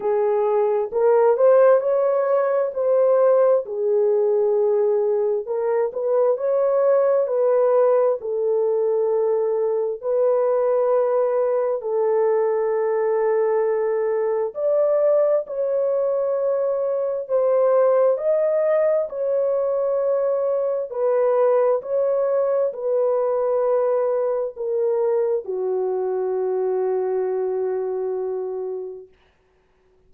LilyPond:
\new Staff \with { instrumentName = "horn" } { \time 4/4 \tempo 4 = 66 gis'4 ais'8 c''8 cis''4 c''4 | gis'2 ais'8 b'8 cis''4 | b'4 a'2 b'4~ | b'4 a'2. |
d''4 cis''2 c''4 | dis''4 cis''2 b'4 | cis''4 b'2 ais'4 | fis'1 | }